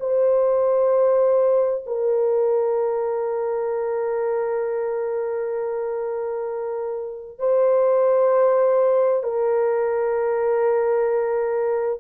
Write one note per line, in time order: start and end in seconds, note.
0.00 1.85 C5
1.86 7.39 A#4
7.39 9.23 C5
9.23 12.00 A#4